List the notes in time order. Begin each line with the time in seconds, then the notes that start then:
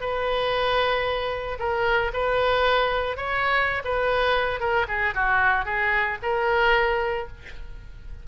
0.00 B4
1.59 A#4
2.13 B4
3.16 C#5
3.84 B4
4.59 A#4
4.87 G#4
5.14 F#4
5.65 G#4
6.22 A#4